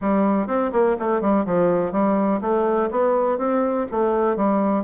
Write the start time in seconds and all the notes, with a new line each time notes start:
0.01 G3
0.47 C4
0.72 A#3
0.99 A3
1.21 G3
1.45 F3
1.92 G3
2.41 A3
2.90 B3
3.38 C4
3.91 A3
4.36 G3